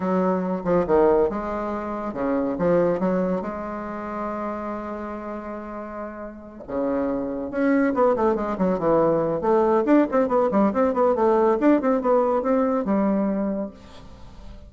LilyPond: \new Staff \with { instrumentName = "bassoon" } { \time 4/4 \tempo 4 = 140 fis4. f8 dis4 gis4~ | gis4 cis4 f4 fis4 | gis1~ | gis2.~ gis8 cis8~ |
cis4. cis'4 b8 a8 gis8 | fis8 e4. a4 d'8 c'8 | b8 g8 c'8 b8 a4 d'8 c'8 | b4 c'4 g2 | }